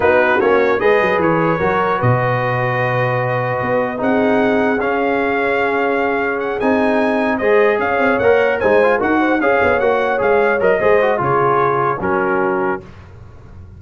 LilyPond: <<
  \new Staff \with { instrumentName = "trumpet" } { \time 4/4 \tempo 4 = 150 b'4 cis''4 dis''4 cis''4~ | cis''4 dis''2.~ | dis''2 fis''2 | f''1 |
fis''8 gis''2 dis''4 f''8~ | f''8 fis''4 gis''4 fis''4 f''8~ | f''8 fis''4 f''4 dis''4. | cis''2 ais'2 | }
  \new Staff \with { instrumentName = "horn" } { \time 4/4 fis'2 b'2 | ais'4 b'2.~ | b'2 gis'2~ | gis'1~ |
gis'2~ gis'8 c''4 cis''8~ | cis''4. c''4 ais'8 c''8 cis''8~ | cis''2. c''4 | gis'2 fis'2 | }
  \new Staff \with { instrumentName = "trombone" } { \time 4/4 dis'4 cis'4 gis'2 | fis'1~ | fis'2 dis'2 | cis'1~ |
cis'8 dis'2 gis'4.~ | gis'8 ais'4 dis'8 f'8 fis'4 gis'8~ | gis'8 fis'4 gis'4 ais'8 gis'8 fis'8 | f'2 cis'2 | }
  \new Staff \with { instrumentName = "tuba" } { \time 4/4 b4 ais4 gis8 fis8 e4 | fis4 b,2.~ | b,4 b4 c'2 | cis'1~ |
cis'8 c'2 gis4 cis'8 | c'8 ais4 gis4 dis'4 cis'8 | b8 ais4 gis4 fis8 gis4 | cis2 fis2 | }
>>